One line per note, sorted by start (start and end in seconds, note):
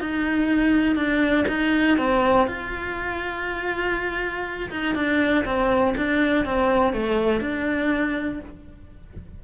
0.00 0.96 D#4
0.96 1.45 D4
1.48 1.97 D#4
1.97 2.47 C4
2.47 4.70 F4
4.70 4.95 D#4
4.95 5.44 D4
5.45 5.94 C4
5.96 6.45 D4
6.45 6.93 C4
6.93 7.40 A3
7.40 8.39 D4